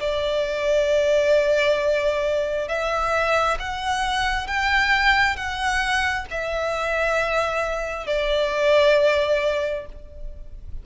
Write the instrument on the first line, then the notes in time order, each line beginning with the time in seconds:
violin
0.00 D5
2.68 E5
3.59 F#5
4.47 G5
5.36 F#5
6.31 E5
8.07 D5